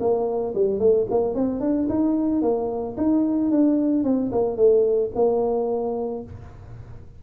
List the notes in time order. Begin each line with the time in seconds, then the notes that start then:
0.00 A#3
0.55 G3
0.79 A3
1.10 A#3
1.35 C4
1.60 D4
1.89 D#4
2.42 A#3
2.97 D#4
3.51 D4
4.04 C4
4.32 A#3
4.57 A3
5.15 A#3